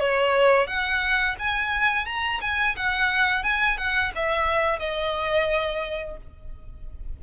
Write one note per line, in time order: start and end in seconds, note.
0.00 0.67 C#5
0.67 1.36 F#5
1.39 2.06 G#5
2.06 2.41 A#5
2.41 2.76 G#5
2.76 3.44 F#5
3.44 3.78 G#5
3.78 4.12 F#5
4.16 4.79 E5
4.79 6.17 D#5